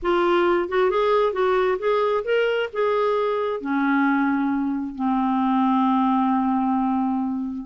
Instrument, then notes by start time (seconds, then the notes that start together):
clarinet
0.02 F4
0.68 F#4
0.90 G#4
1.32 F#4
1.78 G#4
2.24 A#4
2.72 G#4
3.60 C#4
4.95 C4